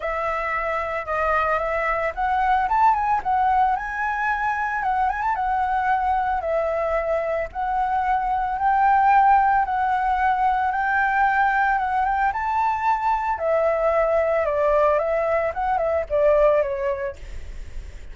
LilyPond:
\new Staff \with { instrumentName = "flute" } { \time 4/4 \tempo 4 = 112 e''2 dis''4 e''4 | fis''4 a''8 gis''8 fis''4 gis''4~ | gis''4 fis''8 gis''16 a''16 fis''2 | e''2 fis''2 |
g''2 fis''2 | g''2 fis''8 g''8 a''4~ | a''4 e''2 d''4 | e''4 fis''8 e''8 d''4 cis''4 | }